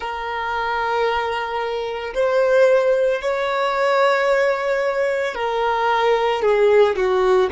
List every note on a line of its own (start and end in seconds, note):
0.00 2.13 A#4
2.14 3.21 C5
3.21 5.35 C#5
5.35 6.41 A#4
6.41 6.95 G#4
6.96 7.50 F#4